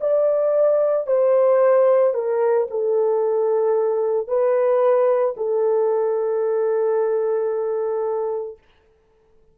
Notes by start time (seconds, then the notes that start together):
0.00 D5
1.07 C5
2.14 A#4
2.70 A4
4.28 B4
5.36 A4